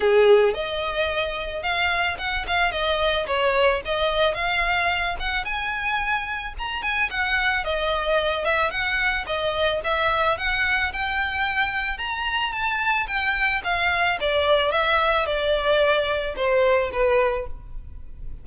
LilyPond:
\new Staff \with { instrumentName = "violin" } { \time 4/4 \tempo 4 = 110 gis'4 dis''2 f''4 | fis''8 f''8 dis''4 cis''4 dis''4 | f''4. fis''8 gis''2 | ais''8 gis''8 fis''4 dis''4. e''8 |
fis''4 dis''4 e''4 fis''4 | g''2 ais''4 a''4 | g''4 f''4 d''4 e''4 | d''2 c''4 b'4 | }